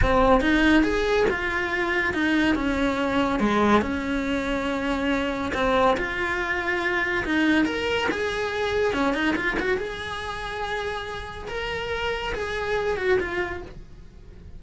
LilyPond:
\new Staff \with { instrumentName = "cello" } { \time 4/4 \tempo 4 = 141 c'4 dis'4 gis'4 f'4~ | f'4 dis'4 cis'2 | gis4 cis'2.~ | cis'4 c'4 f'2~ |
f'4 dis'4 ais'4 gis'4~ | gis'4 cis'8 dis'8 f'8 fis'8 gis'4~ | gis'2. ais'4~ | ais'4 gis'4. fis'8 f'4 | }